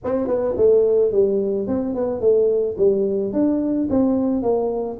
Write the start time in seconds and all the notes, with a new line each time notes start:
0.04 C4
0.27 B3
0.56 A3
1.11 G3
1.67 C4
1.94 B3
2.20 A3
2.77 G3
3.32 D4
3.90 C4
4.42 A#3